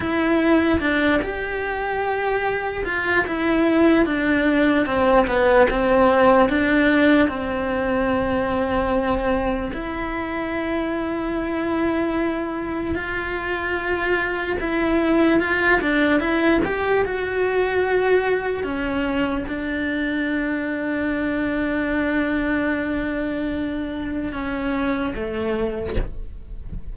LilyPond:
\new Staff \with { instrumentName = "cello" } { \time 4/4 \tempo 4 = 74 e'4 d'8 g'2 f'8 | e'4 d'4 c'8 b8 c'4 | d'4 c'2. | e'1 |
f'2 e'4 f'8 d'8 | e'8 g'8 fis'2 cis'4 | d'1~ | d'2 cis'4 a4 | }